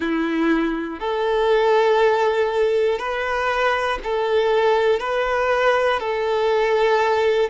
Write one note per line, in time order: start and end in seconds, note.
0.00 0.99 E4
0.99 2.99 A4
2.99 3.99 B4
4.03 4.99 A4
4.99 5.99 B4
6.00 7.50 A4